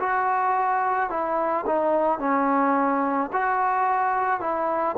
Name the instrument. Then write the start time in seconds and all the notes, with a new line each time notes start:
trombone
0.00 F#4
1.10 E4
1.67 D#4
2.20 C#4
3.33 F#4
4.40 E4